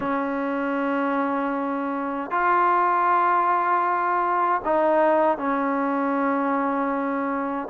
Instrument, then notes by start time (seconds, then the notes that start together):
trombone
0.00 C#4
2.30 F4
4.64 D#4
5.37 C#4